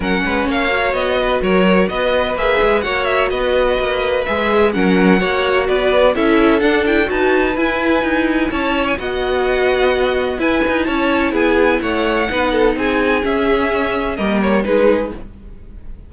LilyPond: <<
  \new Staff \with { instrumentName = "violin" } { \time 4/4 \tempo 4 = 127 fis''4 f''4 dis''4 cis''4 | dis''4 e''4 fis''8 e''8 dis''4~ | dis''4 e''4 fis''2 | d''4 e''4 fis''8 g''8 a''4 |
gis''2 a''8. gis''16 fis''4~ | fis''2 gis''4 a''4 | gis''4 fis''2 gis''4 | e''2 dis''8 cis''8 b'4 | }
  \new Staff \with { instrumentName = "violin" } { \time 4/4 ais'8 b'8 cis''4. b'8 ais'4 | b'2 cis''4 b'4~ | b'2 ais'4 cis''4 | b'4 a'2 b'4~ |
b'2 cis''4 dis''4~ | dis''2 b'4 cis''4 | gis'4 cis''4 b'8 a'8 gis'4~ | gis'2 ais'4 gis'4 | }
  \new Staff \with { instrumentName = "viola" } { \time 4/4 cis'4. fis'2~ fis'8~ | fis'4 gis'4 fis'2~ | fis'4 gis'4 cis'4 fis'4~ | fis'4 e'4 d'8 e'8 fis'4 |
e'2. fis'4~ | fis'2 e'2~ | e'2 dis'2 | cis'2 ais4 dis'4 | }
  \new Staff \with { instrumentName = "cello" } { \time 4/4 fis8 gis8 ais4 b4 fis4 | b4 ais8 gis8 ais4 b4 | ais4 gis4 fis4 ais4 | b4 cis'4 d'4 dis'4 |
e'4 dis'4 cis'4 b4~ | b2 e'8 dis'8 cis'4 | b4 a4 b4 c'4 | cis'2 g4 gis4 | }
>>